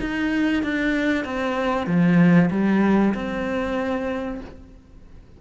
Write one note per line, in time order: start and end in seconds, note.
0.00 0.63 D#4
0.63 1.24 D4
1.24 1.86 C4
1.86 2.49 F3
2.50 3.13 G3
3.14 4.40 C4